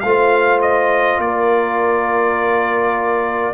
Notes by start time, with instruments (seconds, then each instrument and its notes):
0.00 tuba A3, trombone F4, horn C5, trumpet F5
0.61 trumpet D#5
1.18 tuba A#3, horn A#4, trumpet D5